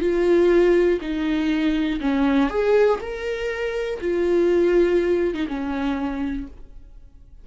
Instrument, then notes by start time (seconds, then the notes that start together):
viola
0.00 F4
1.01 D#4
2.00 C#4
2.50 G#4
3.00 A#4
4.01 F4
5.34 D#4
5.48 C#4